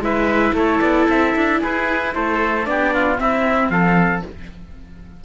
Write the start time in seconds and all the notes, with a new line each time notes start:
0.00 G#3 E4 B4 E5
0.54 A3 A4 C#5
0.81 B3 D5
1.09 C4 E5
1.37 D4
1.61 E4 G#4 B4
2.15 A3 A4 C5
2.66 B3 D4 G4 D5
2.94 F4
3.17 C4 E4 E5
3.70 F3 A4 F5